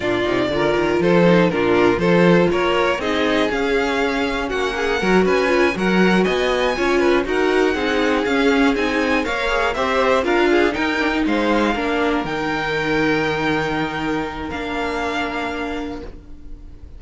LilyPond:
<<
  \new Staff \with { instrumentName = "violin" } { \time 4/4 \tempo 4 = 120 d''2 c''4 ais'4 | c''4 cis''4 dis''4 f''4~ | f''4 fis''4. gis''4 fis''8~ | fis''8 gis''2 fis''4.~ |
fis''8 f''4 gis''4 f''4 e''8~ | e''8 f''4 g''4 f''4.~ | f''8 g''2.~ g''8~ | g''4 f''2. | }
  \new Staff \with { instrumentName = "violin" } { \time 4/4 f'4 ais'4 a'4 f'4 | a'4 ais'4 gis'2~ | gis'4 fis'8 gis'8 ais'8 b'4 ais'8~ | ais'8 dis''4 cis''8 b'8 ais'4 gis'8~ |
gis'2~ gis'8 cis''4 c''8~ | c''8 ais'8 gis'8 ais'4 c''4 ais'8~ | ais'1~ | ais'1 | }
  \new Staff \with { instrumentName = "viola" } { \time 4/4 d'8 dis'8 f'4. dis'8 d'4 | f'2 dis'4 cis'4~ | cis'2 fis'4 f'8 fis'8~ | fis'4. f'4 fis'4 dis'8~ |
dis'8 cis'4 dis'4 ais'8 gis'8 g'8~ | g'8 f'4 dis'8 d'16 dis'4~ dis'16 d'8~ | d'8 dis'2.~ dis'8~ | dis'4 d'2. | }
  \new Staff \with { instrumentName = "cello" } { \time 4/4 ais,8 c8 d8 dis8 f4 ais,4 | f4 ais4 c'4 cis'4~ | cis'4 ais4 fis8 cis'4 fis8~ | fis8 b4 cis'4 dis'4 c'8~ |
c'8 cis'4 c'4 ais4 c'8~ | c'8 d'4 dis'4 gis4 ais8~ | ais8 dis2.~ dis8~ | dis4 ais2. | }
>>